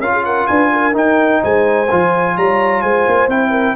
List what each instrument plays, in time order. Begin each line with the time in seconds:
0.00 tuba C#4, trombone F4, horn A#4, trumpet F5
0.13 horn G#4
0.25 horn A#4, trumpet F#5
0.47 tuba D4, horn B4, trumpet G#5
0.73 horn A#4
0.93 trombone D#4, tuba D#4, trumpet G5
1.41 tuba G#3, horn C5, trumpet G#5
1.91 tuba F3, trombone F4
2.36 tuba G3, horn C#5, trumpet A#5
2.82 tuba G#3, horn C5, trumpet G#5
3.08 tuba A#3
3.28 tuba C4, trombone E4, trumpet G5
3.51 horn A#4